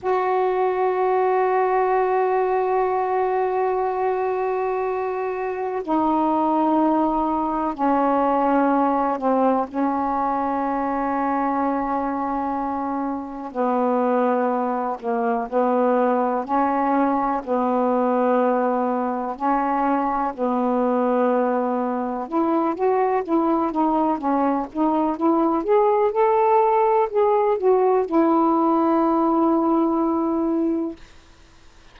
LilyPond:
\new Staff \with { instrumentName = "saxophone" } { \time 4/4 \tempo 4 = 62 fis'1~ | fis'2 dis'2 | cis'4. c'8 cis'2~ | cis'2 b4. ais8 |
b4 cis'4 b2 | cis'4 b2 e'8 fis'8 | e'8 dis'8 cis'8 dis'8 e'8 gis'8 a'4 | gis'8 fis'8 e'2. | }